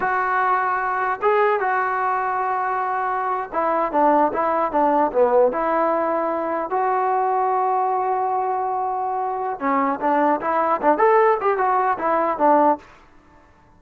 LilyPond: \new Staff \with { instrumentName = "trombone" } { \time 4/4 \tempo 4 = 150 fis'2. gis'4 | fis'1~ | fis'8. e'4 d'4 e'4 d'16~ | d'8. b4 e'2~ e'16~ |
e'8. fis'2.~ fis'16~ | fis'1 | cis'4 d'4 e'4 d'8 a'8~ | a'8 g'8 fis'4 e'4 d'4 | }